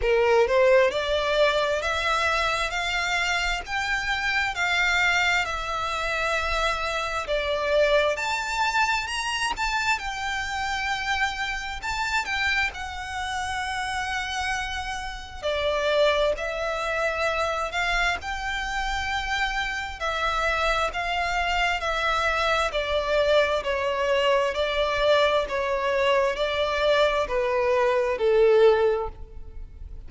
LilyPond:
\new Staff \with { instrumentName = "violin" } { \time 4/4 \tempo 4 = 66 ais'8 c''8 d''4 e''4 f''4 | g''4 f''4 e''2 | d''4 a''4 ais''8 a''8 g''4~ | g''4 a''8 g''8 fis''2~ |
fis''4 d''4 e''4. f''8 | g''2 e''4 f''4 | e''4 d''4 cis''4 d''4 | cis''4 d''4 b'4 a'4 | }